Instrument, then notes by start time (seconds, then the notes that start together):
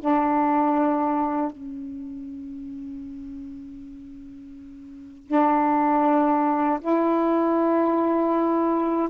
saxophone
0.00 D4
1.52 C#4
5.28 D4
6.81 E4